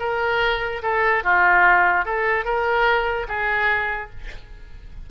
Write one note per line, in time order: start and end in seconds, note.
0.00 0.82 A#4
0.83 1.24 A4
1.24 2.05 F4
2.05 2.45 A4
2.45 3.27 A#4
3.28 4.10 G#4